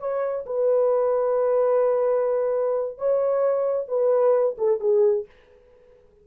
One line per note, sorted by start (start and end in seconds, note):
0.00 0.46 C#5
0.46 2.98 B4
2.98 3.88 C#5
3.88 4.57 B4
4.59 4.81 A4
4.81 5.27 G#4